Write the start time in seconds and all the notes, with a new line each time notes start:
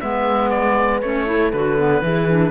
0.00 G#3 B3 B4 E5
0.50 D5
1.01 A3 C#4 C#5
1.26 E4 A4
1.52 D3 F#4 B4
1.78 B3
2.01 E3 E4 G#4
2.30 D4